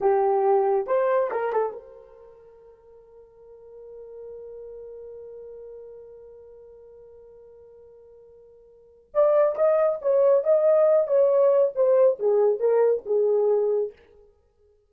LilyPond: \new Staff \with { instrumentName = "horn" } { \time 4/4 \tempo 4 = 138 g'2 c''4 ais'8 a'8 | ais'1~ | ais'1~ | ais'1~ |
ais'1~ | ais'4 d''4 dis''4 cis''4 | dis''4. cis''4. c''4 | gis'4 ais'4 gis'2 | }